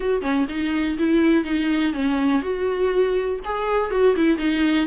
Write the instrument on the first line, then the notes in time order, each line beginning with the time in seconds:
viola
0.00 F#4
0.21 C#4
0.48 D#4
0.98 E4
1.44 D#4
1.93 C#4
2.41 F#4
3.45 G#4
3.90 F#4
4.15 E4
4.38 D#4